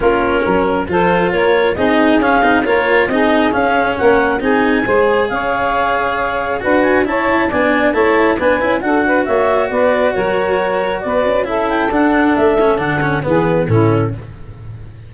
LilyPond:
<<
  \new Staff \with { instrumentName = "clarinet" } { \time 4/4 \tempo 4 = 136 ais'2 c''4 cis''4 | dis''4 f''4 cis''4 dis''4 | f''4 fis''4 gis''2 | f''2. fis''8 gis''8 |
a''4 gis''4 a''4 gis''4 | fis''4 e''4 d''4 cis''4~ | cis''4 d''4 e''8 g''8 fis''4 | e''4 fis''4 b'4 a'4 | }
  \new Staff \with { instrumentName = "saxophone" } { \time 4/4 f'4 ais'4 a'4 ais'4 | gis'2 ais'4 gis'4~ | gis'4 ais'4 gis'4 c''4 | cis''2. b'4 |
cis''4 d''4 cis''4 b'4 | a'8 b'8 cis''4 b'4 ais'4~ | ais'4 b'4 a'2~ | a'2 gis'4 e'4 | }
  \new Staff \with { instrumentName = "cello" } { \time 4/4 cis'2 f'2 | dis'4 cis'8 dis'8 f'4 dis'4 | cis'2 dis'4 gis'4~ | gis'2. fis'4 |
e'4 d'4 e'4 d'8 e'8 | fis'1~ | fis'2 e'4 d'4~ | d'8 cis'8 d'8 cis'8 b4 cis'4 | }
  \new Staff \with { instrumentName = "tuba" } { \time 4/4 ais4 fis4 f4 ais4 | c'4 cis'8 c'8 ais4 c'4 | cis'4 ais4 c'4 gis4 | cis'2. d'4 |
cis'4 b4 a4 b8 cis'8 | d'4 ais4 b4 fis4~ | fis4 b8 cis'4. d'4 | a4 d4 e4 a,4 | }
>>